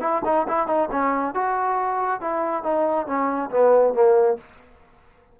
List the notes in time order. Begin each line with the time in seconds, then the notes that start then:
0.00 E4
0.25 D#4
0.48 E4
0.67 D#4
0.91 C#4
1.34 F#4
2.21 E4
2.63 D#4
3.06 C#4
3.50 B3
3.93 A#3